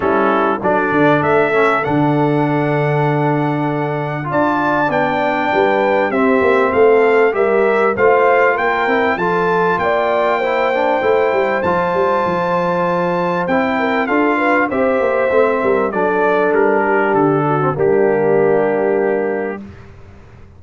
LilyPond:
<<
  \new Staff \with { instrumentName = "trumpet" } { \time 4/4 \tempo 4 = 98 a'4 d''4 e''4 fis''4~ | fis''2. a''4 | g''2 e''4 f''4 | e''4 f''4 g''4 a''4 |
g''2. a''4~ | a''2 g''4 f''4 | e''2 d''4 ais'4 | a'4 g'2. | }
  \new Staff \with { instrumentName = "horn" } { \time 4/4 e'4 a'2.~ | a'2. d''4~ | d''4 b'4 g'4 a'4 | ais'4 c''4 ais'4 a'4 |
d''4 c''2.~ | c''2~ c''8 ais'8 a'8 b'8 | c''4. ais'8 a'4. g'8~ | g'8 fis'8 d'2. | }
  \new Staff \with { instrumentName = "trombone" } { \time 4/4 cis'4 d'4. cis'8 d'4~ | d'2. f'4 | d'2 c'2 | g'4 f'4. e'8 f'4~ |
f'4 e'8 d'8 e'4 f'4~ | f'2 e'4 f'4 | g'4 c'4 d'2~ | d'8. c'16 ais2. | }
  \new Staff \with { instrumentName = "tuba" } { \time 4/4 g4 fis8 d8 a4 d4~ | d2. d'4 | b4 g4 c'8 ais8 a4 | g4 a4 ais8 c'8 f4 |
ais2 a8 g8 f8 g8 | f2 c'4 d'4 | c'8 ais8 a8 g8 fis4 g4 | d4 g2. | }
>>